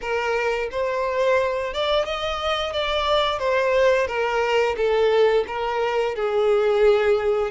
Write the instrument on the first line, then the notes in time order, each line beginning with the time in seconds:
violin
0.01 A#4
0.71 C5
1.73 D5
2.05 D#5
2.72 D5
3.38 C5
4.07 A#4
4.76 A4
5.47 A#4
6.15 G#4